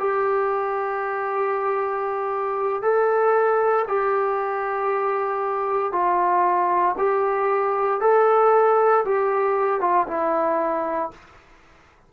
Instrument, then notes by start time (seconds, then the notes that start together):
trombone
0.00 G4
2.82 A4
3.88 G4
5.92 F4
6.98 G4
8.01 A4
9.05 G4
9.81 F4
10.08 E4